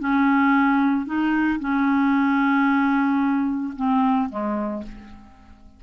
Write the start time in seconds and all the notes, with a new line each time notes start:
0.00 C#4
1.06 D#4
1.60 C#4
3.77 C4
4.30 G#3